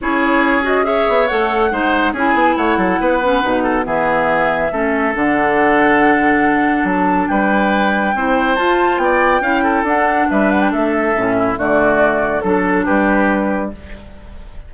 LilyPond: <<
  \new Staff \with { instrumentName = "flute" } { \time 4/4 \tempo 4 = 140 cis''4. dis''8 e''4 fis''4~ | fis''4 gis''4 fis''2~ | fis''4 e''2. | fis''1 |
a''4 g''2. | a''4 g''2 fis''4 | e''8 fis''16 g''16 e''2 d''4~ | d''4 a'4 b'2 | }
  \new Staff \with { instrumentName = "oboe" } { \time 4/4 gis'2 cis''2 | c''4 gis'4 cis''8 a'8 b'4~ | b'8 a'8 gis'2 a'4~ | a'1~ |
a'4 b'2 c''4~ | c''4 d''4 f''8 a'4. | b'4 a'4. e'8 fis'4~ | fis'4 a'4 g'2 | }
  \new Staff \with { instrumentName = "clarinet" } { \time 4/4 e'4. fis'8 gis'4 a'4 | dis'4 e'2~ e'8 cis'8 | dis'4 b2 cis'4 | d'1~ |
d'2. e'4 | f'2 e'4 d'4~ | d'2 cis'4 a4~ | a4 d'2. | }
  \new Staff \with { instrumentName = "bassoon" } { \time 4/4 cis'2~ cis'8 b8 a4 | gis4 cis'8 b8 a8 fis8 b4 | b,4 e2 a4 | d1 |
fis4 g2 c'4 | f'4 b4 cis'4 d'4 | g4 a4 a,4 d4~ | d4 fis4 g2 | }
>>